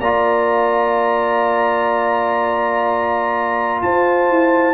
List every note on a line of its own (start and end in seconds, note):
0.00 3.82 A#3
0.00 4.74 F4
0.00 3.81 D5
0.00 3.82 A#5
3.82 4.30 F4
3.82 4.74 C5
3.82 4.74 A5
4.30 4.74 E4